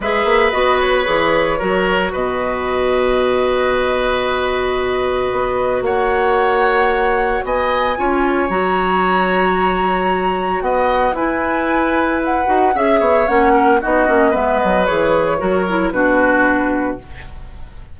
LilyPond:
<<
  \new Staff \with { instrumentName = "flute" } { \time 4/4 \tempo 4 = 113 e''4 dis''8 cis''2~ cis''8 | dis''1~ | dis''2. fis''4~ | fis''2 gis''2 |
ais''1 | fis''4 gis''2 fis''4 | e''4 fis''4 dis''4 e''8 dis''8 | cis''2 b'2 | }
  \new Staff \with { instrumentName = "oboe" } { \time 4/4 b'2. ais'4 | b'1~ | b'2. cis''4~ | cis''2 dis''4 cis''4~ |
cis''1 | dis''4 b'2. | e''8 cis''4 ais'8 fis'4 b'4~ | b'4 ais'4 fis'2 | }
  \new Staff \with { instrumentName = "clarinet" } { \time 4/4 gis'4 fis'4 gis'4 fis'4~ | fis'1~ | fis'1~ | fis'2. f'4 |
fis'1~ | fis'4 e'2~ e'8 fis'8 | gis'4 cis'4 dis'8 cis'8 b4 | gis'4 fis'8 e'8 d'2 | }
  \new Staff \with { instrumentName = "bassoon" } { \time 4/4 gis8 ais8 b4 e4 fis4 | b,1~ | b,2 b4 ais4~ | ais2 b4 cis'4 |
fis1 | b4 e'2~ e'8 dis'8 | cis'8 b8 ais4 b8 ais8 gis8 fis8 | e4 fis4 b,2 | }
>>